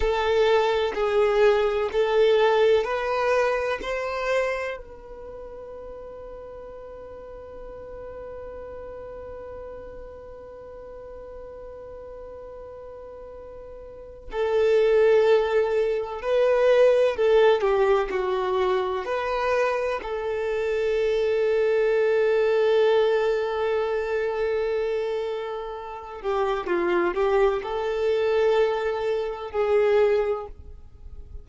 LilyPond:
\new Staff \with { instrumentName = "violin" } { \time 4/4 \tempo 4 = 63 a'4 gis'4 a'4 b'4 | c''4 b'2.~ | b'1~ | b'2. a'4~ |
a'4 b'4 a'8 g'8 fis'4 | b'4 a'2.~ | a'2.~ a'8 g'8 | f'8 g'8 a'2 gis'4 | }